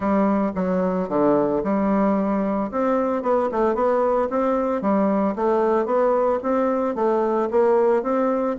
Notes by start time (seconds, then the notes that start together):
0.00 G3
0.55 F#3
1.09 D3
1.63 G3
2.71 C4
3.22 B3
3.51 A3
3.74 B3
4.30 C4
4.81 G3
5.35 A3
5.85 B3
6.42 C4
6.95 A3
7.50 A#3
8.03 C4